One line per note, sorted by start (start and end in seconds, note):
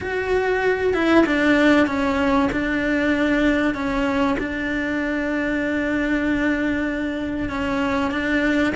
0.01 0.93 F#4
0.93 1.24 E4
1.26 1.86 D4
1.86 2.49 C#4
2.51 3.74 D4
3.74 4.36 C#4
4.38 7.49 D4
7.49 8.11 C#4
8.11 8.73 D4